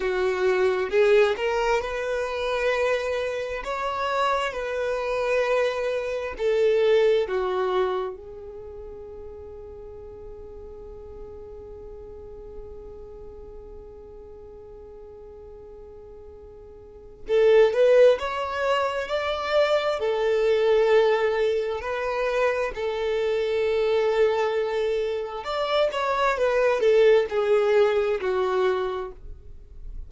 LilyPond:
\new Staff \with { instrumentName = "violin" } { \time 4/4 \tempo 4 = 66 fis'4 gis'8 ais'8 b'2 | cis''4 b'2 a'4 | fis'4 gis'2.~ | gis'1~ |
gis'2. a'8 b'8 | cis''4 d''4 a'2 | b'4 a'2. | d''8 cis''8 b'8 a'8 gis'4 fis'4 | }